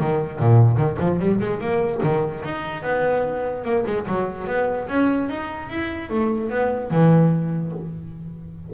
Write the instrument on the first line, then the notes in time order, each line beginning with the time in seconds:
double bass
0.00 D#3
0.39 A#2
0.77 D#3
1.00 F3
1.20 G3
1.40 G#3
1.61 A#3
2.03 D#3
2.44 D#4
2.83 B3
3.64 A#3
3.86 G#3
4.07 F#3
4.47 B3
4.88 C#4
5.29 D#4
5.70 E4
6.10 A3
6.50 B3
6.91 E3